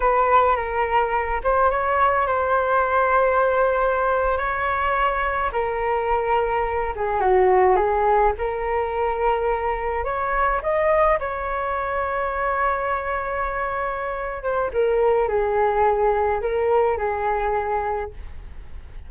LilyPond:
\new Staff \with { instrumentName = "flute" } { \time 4/4 \tempo 4 = 106 b'4 ais'4. c''8 cis''4 | c''2.~ c''8. cis''16~ | cis''4.~ cis''16 ais'2~ ais'16~ | ais'16 gis'8 fis'4 gis'4 ais'4~ ais'16~ |
ais'4.~ ais'16 cis''4 dis''4 cis''16~ | cis''1~ | cis''4. c''8 ais'4 gis'4~ | gis'4 ais'4 gis'2 | }